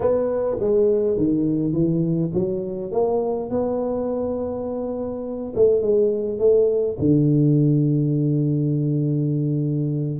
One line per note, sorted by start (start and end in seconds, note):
0.00 0.57 B3
0.60 1.17 G#3
1.17 1.72 D#3
1.72 2.31 E3
2.34 2.91 F#3
2.91 3.50 A#3
3.50 5.53 B3
5.55 5.81 A3
5.81 6.38 G#3
6.38 6.97 A3
6.99 10.19 D3